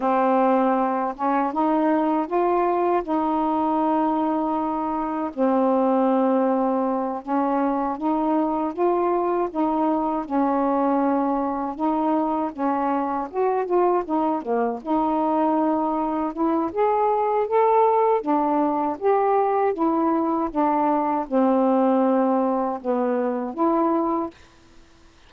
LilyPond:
\new Staff \with { instrumentName = "saxophone" } { \time 4/4 \tempo 4 = 79 c'4. cis'8 dis'4 f'4 | dis'2. c'4~ | c'4. cis'4 dis'4 f'8~ | f'8 dis'4 cis'2 dis'8~ |
dis'8 cis'4 fis'8 f'8 dis'8 ais8 dis'8~ | dis'4. e'8 gis'4 a'4 | d'4 g'4 e'4 d'4 | c'2 b4 e'4 | }